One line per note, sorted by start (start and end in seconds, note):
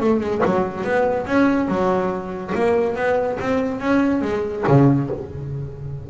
0.00 0.21 A3
0.21 0.42 G#3
0.45 0.84 F#3
0.84 1.26 B3
1.26 1.68 C#4
1.68 2.53 F#3
2.55 2.96 A#3
2.96 3.38 B3
3.40 3.80 C4
3.80 4.22 C#4
4.22 4.64 G#3
4.68 5.10 C#3